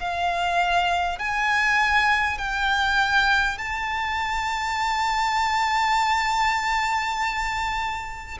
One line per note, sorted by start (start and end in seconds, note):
0.00 1.19 F5
1.19 2.39 G#5
2.39 3.58 G5
3.58 8.38 A5